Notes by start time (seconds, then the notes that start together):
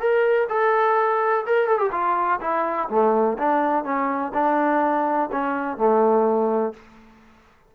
0.00 A#4
0.49 A4
1.46 A#4
1.68 A4
1.78 G4
1.92 F4
2.41 E4
2.90 A3
3.38 D4
3.85 C#4
4.34 D4
5.32 C#4
5.78 A3